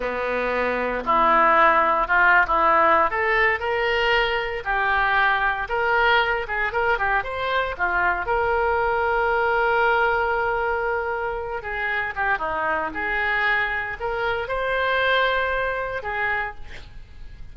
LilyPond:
\new Staff \with { instrumentName = "oboe" } { \time 4/4 \tempo 4 = 116 b2 e'2 | f'8. e'4~ e'16 a'4 ais'4~ | ais'4 g'2 ais'4~ | ais'8 gis'8 ais'8 g'8 c''4 f'4 |
ais'1~ | ais'2~ ais'8 gis'4 g'8 | dis'4 gis'2 ais'4 | c''2. gis'4 | }